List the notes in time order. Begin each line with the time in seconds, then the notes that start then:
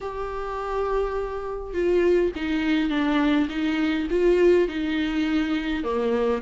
0.00 G4
1.73 F4
2.35 D#4
2.89 D4
3.49 D#4
4.10 F4
4.68 D#4
5.83 A#3